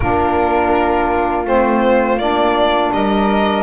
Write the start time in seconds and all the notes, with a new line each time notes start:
0.00 A#3 D4 F4 A#4
1.45 A3 C4 C5
2.17 A#3 D4 D5
2.92 G3 A#4 D#5